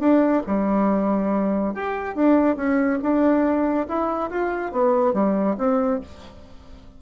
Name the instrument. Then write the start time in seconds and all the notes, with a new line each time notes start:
bassoon
0.00 D4
0.47 G3
1.74 G4
2.15 D4
2.56 C#4
3.02 D4
3.89 E4
4.30 F4
4.72 B3
5.14 G3
5.58 C4